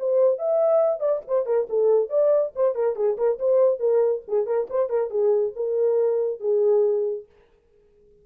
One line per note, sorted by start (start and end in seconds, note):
0.00 0.39 C5
0.39 1.00 E5
1.00 1.22 D5
1.28 1.46 C5
1.46 1.68 A#4
1.70 2.10 A4
2.10 2.53 D5
2.56 2.75 C5
2.75 2.96 A#4
2.96 3.18 G#4
3.18 3.39 A#4
3.39 3.80 C5
3.80 4.23 A#4
4.28 4.47 G#4
4.47 4.68 A#4
4.70 4.90 C5
4.90 5.11 A#4
5.11 5.54 G#4
5.56 6.41 A#4
6.41 7.26 G#4